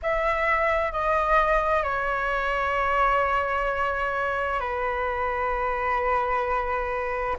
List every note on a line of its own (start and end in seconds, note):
0.02 0.92 E5
0.92 1.83 D#5
1.83 4.59 C#5
4.59 7.36 B4